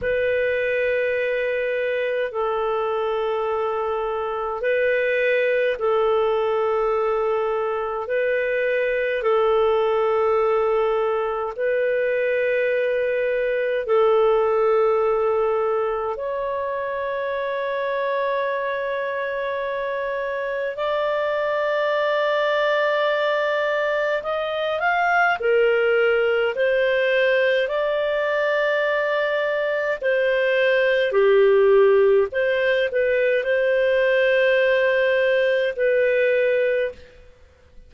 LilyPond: \new Staff \with { instrumentName = "clarinet" } { \time 4/4 \tempo 4 = 52 b'2 a'2 | b'4 a'2 b'4 | a'2 b'2 | a'2 cis''2~ |
cis''2 d''2~ | d''4 dis''8 f''8 ais'4 c''4 | d''2 c''4 g'4 | c''8 b'8 c''2 b'4 | }